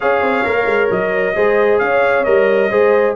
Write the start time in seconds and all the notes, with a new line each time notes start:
0.00 C#4 G#4 C#5 F5
0.21 C4
0.44 A#3 A#4
0.65 G#3
0.90 F#3 D#5
1.35 G#3 G#4 C5
1.78 C#4 C#5 F5
2.24 G3 A#4 D#5
2.69 G#3 G#4 C5